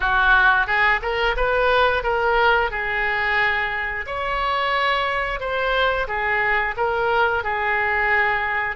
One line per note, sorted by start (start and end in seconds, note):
0.00 0.66 F#4
0.66 1.00 G#4
1.01 1.35 A#4
1.36 2.03 B4
2.03 2.70 A#4
2.70 4.05 G#4
4.06 5.39 C#5
5.39 6.07 C5
6.07 6.74 G#4
6.76 7.43 A#4
7.43 8.76 G#4